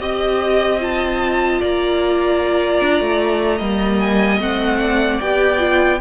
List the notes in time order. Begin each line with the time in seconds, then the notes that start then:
0.00 C4 G4 D#5
0.79 F4 A5
1.61 A#3 D5 A#5
2.81 D4
3.01 A3
3.57 G3 A#3 D#5
4.00 G#5
4.40 A3 C4 F#5
4.80 D5
5.21 B3 G4 G5
5.59 F4